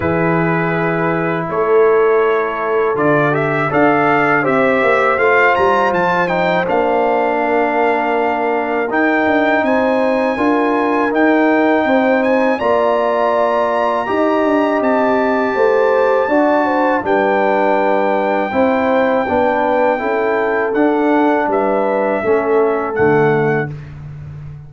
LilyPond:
<<
  \new Staff \with { instrumentName = "trumpet" } { \time 4/4 \tempo 4 = 81 b'2 cis''2 | d''8 e''8 f''4 e''4 f''8 ais''8 | a''8 g''8 f''2. | g''4 gis''2 g''4~ |
g''8 gis''8 ais''2. | a''2. g''4~ | g''1 | fis''4 e''2 fis''4 | }
  \new Staff \with { instrumentName = "horn" } { \time 4/4 gis'2 a'2~ | a'4 d''4 c''2~ | c''2 ais'2~ | ais'4 c''4 ais'2 |
c''4 d''2 dis''4~ | dis''4 c''4 d''8 c''8 b'4~ | b'4 c''4 b'4 a'4~ | a'4 b'4 a'2 | }
  \new Staff \with { instrumentName = "trombone" } { \time 4/4 e'1 | f'8 g'8 a'4 g'4 f'4~ | f'8 dis'8 d'2. | dis'2 f'4 dis'4~ |
dis'4 f'2 g'4~ | g'2 fis'4 d'4~ | d'4 e'4 d'4 e'4 | d'2 cis'4 a4 | }
  \new Staff \with { instrumentName = "tuba" } { \time 4/4 e2 a2 | d4 d'4 c'8 ais8 a8 g8 | f4 ais2. | dis'8 d'8 c'4 d'4 dis'4 |
c'4 ais2 dis'8 d'8 | c'4 a4 d'4 g4~ | g4 c'4 b4 cis'4 | d'4 g4 a4 d4 | }
>>